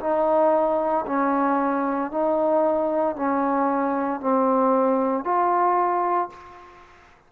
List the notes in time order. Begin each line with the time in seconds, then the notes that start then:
0.00 D#4
1.06 C#4
2.11 D#4
3.16 C#4
4.20 C4
5.24 F4